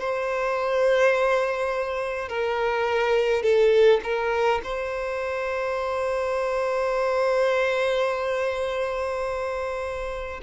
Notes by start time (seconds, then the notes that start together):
0.00 C5
2.29 A#4
3.43 A4
4.04 A#4
4.64 C5